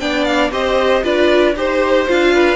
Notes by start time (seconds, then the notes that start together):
0.00 B3 D4 D5 G5
0.25 F5
0.52 C4 G4 C5 D#5
1.04 D4 F4 B4 D5
1.56 D#4 G4 C5
2.08 D4 F4 F5
2.34 B4